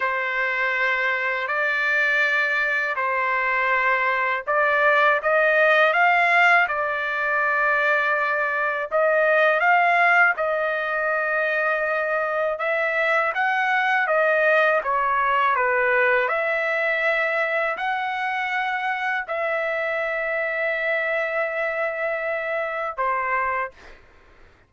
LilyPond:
\new Staff \with { instrumentName = "trumpet" } { \time 4/4 \tempo 4 = 81 c''2 d''2 | c''2 d''4 dis''4 | f''4 d''2. | dis''4 f''4 dis''2~ |
dis''4 e''4 fis''4 dis''4 | cis''4 b'4 e''2 | fis''2 e''2~ | e''2. c''4 | }